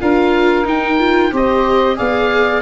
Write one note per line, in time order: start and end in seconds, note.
0.00 0.65 D4
0.00 0.64 F4
0.00 1.31 A#4
0.00 0.67 F5
0.64 0.97 D#4
0.64 1.31 D#4
0.64 1.34 G5
0.99 1.32 F4
1.31 1.98 C4
1.31 1.96 G4
1.31 1.96 C5
1.31 1.98 D#5
1.96 2.61 B3
1.96 2.61 G#4
1.96 2.61 D5
1.96 2.61 F5